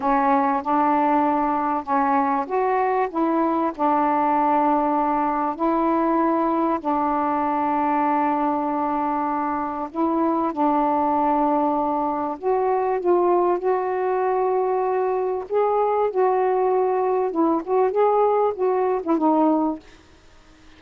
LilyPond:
\new Staff \with { instrumentName = "saxophone" } { \time 4/4 \tempo 4 = 97 cis'4 d'2 cis'4 | fis'4 e'4 d'2~ | d'4 e'2 d'4~ | d'1 |
e'4 d'2. | fis'4 f'4 fis'2~ | fis'4 gis'4 fis'2 | e'8 fis'8 gis'4 fis'8. e'16 dis'4 | }